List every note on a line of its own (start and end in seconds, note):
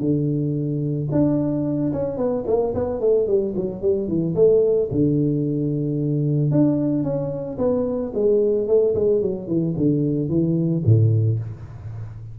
0.00 1.08 D3
1.11 1.92 D4
1.92 2.17 C#4
2.17 2.44 B3
2.46 2.73 A#3
2.74 3.00 B3
3.00 3.27 A3
3.27 3.54 G3
3.56 3.81 F#3
3.81 4.08 G3
4.08 4.35 E3
4.35 4.89 A3
4.91 6.51 D3
6.51 7.03 D4
7.03 7.57 C#4
7.58 8.12 B3
8.14 8.67 G#3
8.67 8.94 A3
8.95 9.22 G#3
9.22 9.47 F#3
9.47 9.74 E3
9.77 10.29 D3
10.29 10.83 E3
10.85 11.39 A2